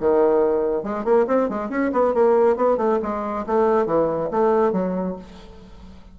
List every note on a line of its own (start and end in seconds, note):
0.00 0.83 D#3
0.83 1.04 G#3
1.04 1.26 A#3
1.27 1.49 C4
1.49 1.70 G#3
1.70 1.92 C#4
1.92 2.14 B3
2.14 2.57 A#3
2.57 2.77 B3
2.77 2.99 A3
3.02 3.46 G#3
3.46 3.86 A3
3.86 4.29 E3
4.31 4.72 A3
4.72 5.16 F#3